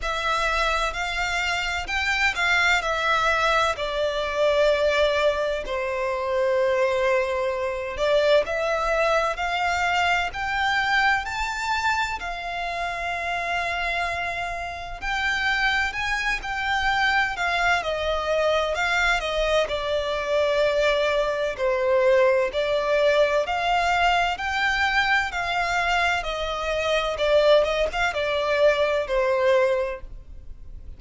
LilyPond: \new Staff \with { instrumentName = "violin" } { \time 4/4 \tempo 4 = 64 e''4 f''4 g''8 f''8 e''4 | d''2 c''2~ | c''8 d''8 e''4 f''4 g''4 | a''4 f''2. |
g''4 gis''8 g''4 f''8 dis''4 | f''8 dis''8 d''2 c''4 | d''4 f''4 g''4 f''4 | dis''4 d''8 dis''16 f''16 d''4 c''4 | }